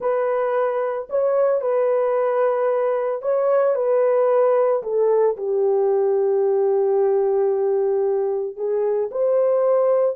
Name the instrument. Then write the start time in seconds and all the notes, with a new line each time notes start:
horn
0.00 B4
1.09 C#5
1.61 B4
3.22 C#5
3.75 B4
4.83 A4
5.36 G4
8.56 G#4
9.11 C5